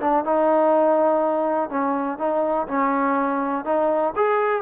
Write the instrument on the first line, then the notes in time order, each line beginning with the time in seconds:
trombone
0.00 D4
0.25 D#4
1.69 C#4
2.18 D#4
2.67 C#4
3.65 D#4
4.16 G#4